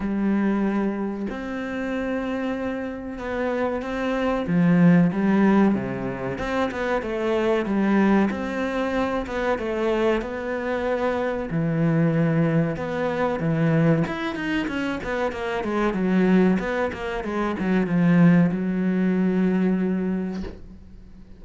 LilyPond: \new Staff \with { instrumentName = "cello" } { \time 4/4 \tempo 4 = 94 g2 c'2~ | c'4 b4 c'4 f4 | g4 c4 c'8 b8 a4 | g4 c'4. b8 a4 |
b2 e2 | b4 e4 e'8 dis'8 cis'8 b8 | ais8 gis8 fis4 b8 ais8 gis8 fis8 | f4 fis2. | }